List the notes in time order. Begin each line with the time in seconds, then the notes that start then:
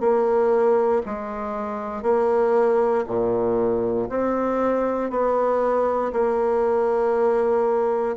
0.00 A#3
1.06 G#3
2.03 A#3
3.07 A#2
4.10 C4
5.10 B3
6.12 A#3